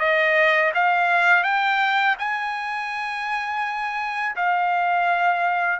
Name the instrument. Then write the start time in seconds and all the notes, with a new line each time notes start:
trumpet
0.00 D#5
0.75 F5
1.44 G5
2.19 G#5
4.36 F5